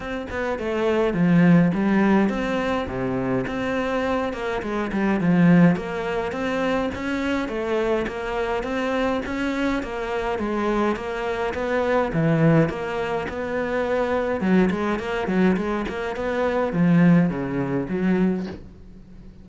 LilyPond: \new Staff \with { instrumentName = "cello" } { \time 4/4 \tempo 4 = 104 c'8 b8 a4 f4 g4 | c'4 c4 c'4. ais8 | gis8 g8 f4 ais4 c'4 | cis'4 a4 ais4 c'4 |
cis'4 ais4 gis4 ais4 | b4 e4 ais4 b4~ | b4 fis8 gis8 ais8 fis8 gis8 ais8 | b4 f4 cis4 fis4 | }